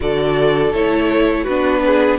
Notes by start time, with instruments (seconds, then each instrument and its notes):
0.00 cello D3, viola F#4, violin A4 D5
0.72 cello A3, viola E4, violin C#5
1.43 cello B3, viola D4, violin F#4 B4
1.85 violin G#4